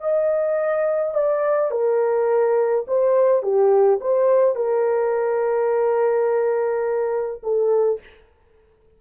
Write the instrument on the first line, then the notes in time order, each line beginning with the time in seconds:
horn
0.00 D#5
1.14 D5
1.71 A#4
2.87 C5
3.43 G4
4.01 C5
4.56 A#4
7.43 A4